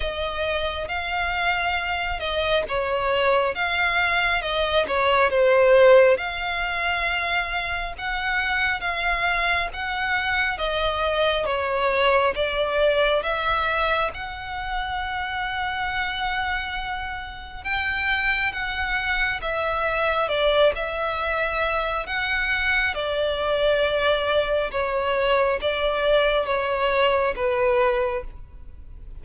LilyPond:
\new Staff \with { instrumentName = "violin" } { \time 4/4 \tempo 4 = 68 dis''4 f''4. dis''8 cis''4 | f''4 dis''8 cis''8 c''4 f''4~ | f''4 fis''4 f''4 fis''4 | dis''4 cis''4 d''4 e''4 |
fis''1 | g''4 fis''4 e''4 d''8 e''8~ | e''4 fis''4 d''2 | cis''4 d''4 cis''4 b'4 | }